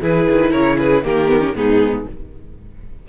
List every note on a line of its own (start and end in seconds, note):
0.00 0.27 E3
0.00 1.04 E4
0.00 0.50 G#4
0.00 0.52 B4
0.29 0.54 D#3
0.50 1.03 C#3
0.50 0.76 A#4
0.50 0.77 C#5
0.78 1.03 G#4
0.78 1.04 B4
1.03 1.54 D#3
1.03 1.29 A#3
1.03 1.55 G4
1.03 1.55 A#4
1.29 1.40 B3
1.40 1.53 C#4
1.55 2.06 G#2
1.55 2.06 B3
1.55 2.08 D#4
1.55 2.07 G#4